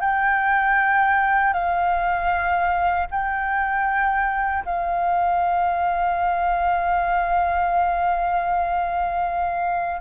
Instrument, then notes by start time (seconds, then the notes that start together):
flute
0.00 G5
1.53 F5
3.10 G5
4.65 F5